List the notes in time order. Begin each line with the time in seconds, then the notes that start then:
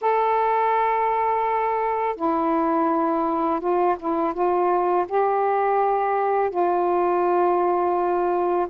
0.01 A4
2.16 E4
3.60 F4
3.99 E4
4.33 F4
5.08 G4
6.50 F4